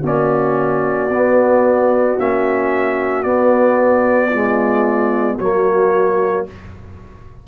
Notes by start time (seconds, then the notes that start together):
0.00 A#3 C#4 F#4
0.06 D5
1.09 B3
2.18 A#3 C#4 E5
3.23 B3 D5
4.29 G#3 F4
5.38 F#3 A#3 F#4 C#5